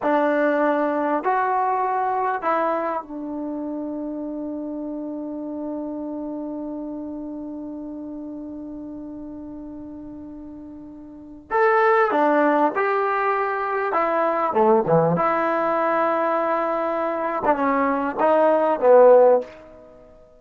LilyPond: \new Staff \with { instrumentName = "trombone" } { \time 4/4 \tempo 4 = 99 d'2 fis'2 | e'4 d'2.~ | d'1~ | d'1~ |
d'2. a'4 | d'4 g'2 e'4 | a8 e8 e'2.~ | e'8. d'16 cis'4 dis'4 b4 | }